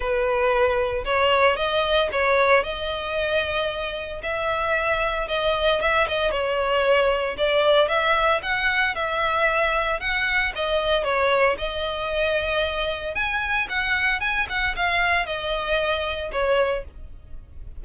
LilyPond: \new Staff \with { instrumentName = "violin" } { \time 4/4 \tempo 4 = 114 b'2 cis''4 dis''4 | cis''4 dis''2. | e''2 dis''4 e''8 dis''8 | cis''2 d''4 e''4 |
fis''4 e''2 fis''4 | dis''4 cis''4 dis''2~ | dis''4 gis''4 fis''4 gis''8 fis''8 | f''4 dis''2 cis''4 | }